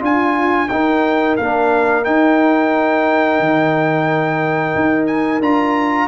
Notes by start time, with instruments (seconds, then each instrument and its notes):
0.00 tuba D4, trombone F4, horn F4, trumpet G#5
0.69 tuba D#4, trombone D#4, horn A#4, trumpet G5
1.37 tuba A#3, trombone D4, trumpet F5
2.04 trombone D#4, tuba D#4, trumpet G5
3.40 tuba D#3
4.75 tuba D#4
5.07 trumpet G#5
5.40 tuba D4, trombone F4, trumpet A#5